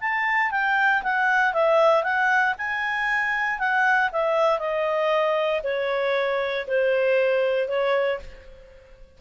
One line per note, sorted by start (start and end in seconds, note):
0.00 0.51 A5
0.51 1.03 G5
1.03 1.53 F#5
1.53 2.03 E5
2.03 2.55 F#5
2.58 3.59 G#5
3.59 4.10 F#5
4.12 4.59 E5
4.59 5.62 D#5
5.64 6.66 C#5
6.67 7.68 C5
7.68 8.20 C#5